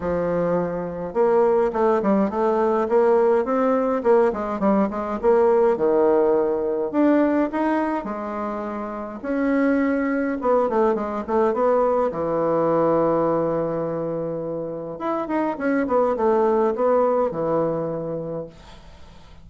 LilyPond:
\new Staff \with { instrumentName = "bassoon" } { \time 4/4 \tempo 4 = 104 f2 ais4 a8 g8 | a4 ais4 c'4 ais8 gis8 | g8 gis8 ais4 dis2 | d'4 dis'4 gis2 |
cis'2 b8 a8 gis8 a8 | b4 e2.~ | e2 e'8 dis'8 cis'8 b8 | a4 b4 e2 | }